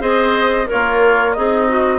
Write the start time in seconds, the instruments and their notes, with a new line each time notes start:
0.00 bassoon C4, clarinet G#4, oboe C5, flute D#5
0.66 oboe F4, clarinet A#4, flute C#5
0.74 bassoon A#3
1.34 bassoon C4, oboe D#4, clarinet G#4, flute D#5
1.69 clarinet F#4